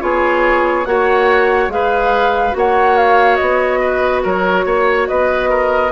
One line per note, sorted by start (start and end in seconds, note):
0.00 0.86 B3
0.00 0.85 F4
0.00 0.88 G#4
0.00 0.85 C#5
0.85 1.68 A#3
0.85 1.70 F#4
0.85 1.73 C#5
0.85 1.70 F#5
1.68 2.53 G#3
1.68 2.52 G#4
1.68 2.58 B4
1.68 2.56 F5
2.52 3.40 A#3
2.52 5.90 F#4
2.58 3.80 C#5
2.58 2.98 F#5
2.98 3.36 F5
3.36 4.25 B3
3.36 4.21 D#5
3.80 4.22 B4
4.23 4.65 F#3
4.23 4.65 A#4
4.23 5.08 C#5
4.65 5.08 A#3
4.65 5.08 C#5
5.08 5.92 B3
5.08 5.50 B4
5.08 5.92 D#5
5.50 5.92 A#4